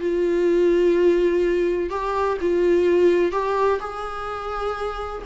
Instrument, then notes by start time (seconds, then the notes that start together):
viola
0.00 F4
1.89 G4
2.41 F4
3.32 G4
3.79 G#4